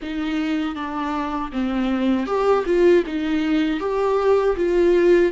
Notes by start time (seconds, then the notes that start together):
0.01 D#4
0.75 D4
1.52 C4
2.26 G4
2.65 F4
3.06 D#4
3.80 G4
4.56 F4